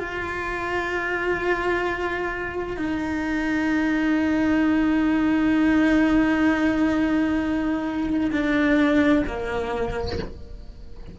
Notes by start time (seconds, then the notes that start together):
0.00 F4
2.77 D#4
8.32 D4
9.27 A#3